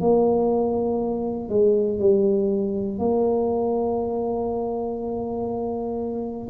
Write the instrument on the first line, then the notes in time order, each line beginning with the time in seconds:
tuba
0.00 A#3
1.49 G#3
1.99 G3
2.99 A#3